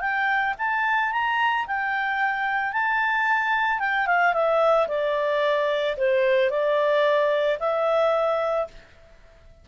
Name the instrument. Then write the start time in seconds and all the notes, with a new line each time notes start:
clarinet
0.00 G5
0.58 A5
1.12 A#5
1.67 G5
2.72 A5
3.79 G5
4.06 F5
4.33 E5
4.88 D5
5.97 C5
6.50 D5
7.59 E5